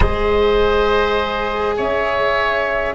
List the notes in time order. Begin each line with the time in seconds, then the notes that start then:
0.00 G#3 G#4 C5 D#5
1.76 C#4 C#5 E5